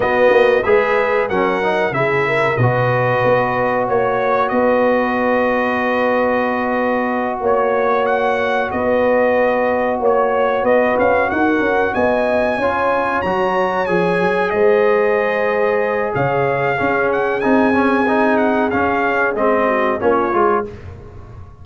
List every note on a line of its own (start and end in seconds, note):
0.00 0.30 B3
0.00 0.63 B3
0.00 0.64 F#4
0.00 0.63 D#5
0.30 0.62 A#3
0.63 1.29 G#3
0.63 1.30 G#4
0.63 1.28 B4
0.63 1.27 E5
1.28 1.91 F#3
1.28 1.62 C#4
1.28 1.93 A#4
1.28 1.93 F#5
1.62 1.92 D#4
1.91 2.56 C#3
1.91 2.57 E4
1.91 2.27 G#4
1.91 2.56 E5
2.27 2.59 A#4
2.56 3.22 B2
2.56 12.61 F#4
2.56 3.86 B4
2.56 3.85 D#5
3.24 3.88 B3
3.86 4.50 A#3
3.86 4.51 C#5
3.86 4.48 C#5
4.48 7.40 B3
4.48 7.41 B4
4.48 7.39 D#5
7.40 8.69 A#3
7.40 8.70 C#5
7.40 8.06 C#5
8.06 8.70 F#5
8.71 10.00 B3
8.71 9.99 B4
8.71 10.00 D#5
9.99 10.63 A#3
9.99 10.63 C#5
9.99 10.65 C#5
10.63 10.95 B3
10.63 11.28 B4
10.63 10.97 D#5
10.98 11.31 C#4
10.98 11.30 F5
11.28 11.59 D#4
11.28 11.93 A#4
11.28 11.94 F#5
11.59 11.92 C#4
11.94 12.57 B3
11.94 12.57 D#5
11.94 13.21 G#5
12.57 13.22 C#4
12.57 13.25 F4
12.57 14.51 C#5
13.21 13.88 F#3
13.21 13.87 F#4
13.21 13.86 A#5
13.86 14.21 F3
13.86 16.77 G#4
13.86 14.49 G#5
14.21 14.52 F#3
14.49 16.13 G#3
14.49 16.14 C5
14.49 16.11 D#5
16.14 16.79 C#3
16.14 16.75 C#5
16.14 17.11 F5
16.75 17.41 C#4
16.75 17.44 C#4
16.75 19.66 G#4
17.11 17.40 F#5
17.40 18.73 C4
17.40 17.73 D#4
17.40 18.37 G#5
17.73 18.06 C#4
18.07 18.71 D#4
18.37 18.69 F#5
18.70 19.35 C#4
18.70 19.34 C#4
18.70 19.34 F5
19.34 19.99 G#3
19.34 19.99 C4
19.34 20.00 D#5
19.66 19.99 F#4
19.99 20.33 A#3
19.99 20.32 C#4
19.99 20.65 F4
19.99 20.64 C#5
20.32 20.65 G#3
20.32 20.64 F4